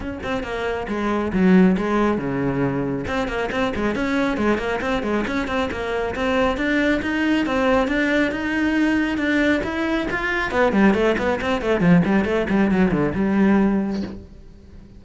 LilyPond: \new Staff \with { instrumentName = "cello" } { \time 4/4 \tempo 4 = 137 cis'8 c'8 ais4 gis4 fis4 | gis4 cis2 c'8 ais8 | c'8 gis8 cis'4 gis8 ais8 c'8 gis8 | cis'8 c'8 ais4 c'4 d'4 |
dis'4 c'4 d'4 dis'4~ | dis'4 d'4 e'4 f'4 | b8 g8 a8 b8 c'8 a8 f8 g8 | a8 g8 fis8 d8 g2 | }